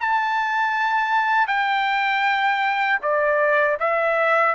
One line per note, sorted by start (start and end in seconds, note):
0.00 1.47 A5
1.47 2.99 G5
3.02 3.78 D5
3.80 4.55 E5